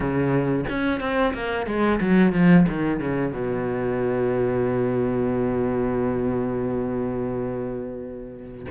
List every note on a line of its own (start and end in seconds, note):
0.00 0.64 C#3
0.68 1.00 C#4
1.00 1.33 C4
1.34 1.66 A#3
1.66 1.99 G#3
2.00 2.32 F#3
2.32 2.65 F3
2.68 2.99 D#3
2.99 3.32 C#3
3.32 8.66 B2